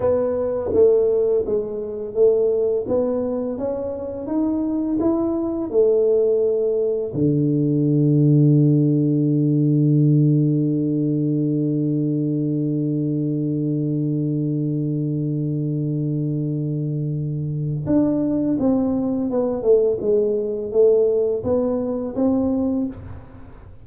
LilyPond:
\new Staff \with { instrumentName = "tuba" } { \time 4/4 \tempo 4 = 84 b4 a4 gis4 a4 | b4 cis'4 dis'4 e'4 | a2 d2~ | d1~ |
d1~ | d1~ | d4 d'4 c'4 b8 a8 | gis4 a4 b4 c'4 | }